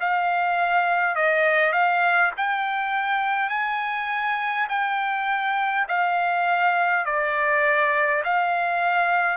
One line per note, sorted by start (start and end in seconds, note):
0.00 1.15 F5
1.15 1.72 D#5
1.72 2.31 F5
2.36 3.49 G5
3.49 4.67 G#5
4.69 5.87 G5
5.88 7.05 F5
7.05 8.22 D5
8.24 9.37 F5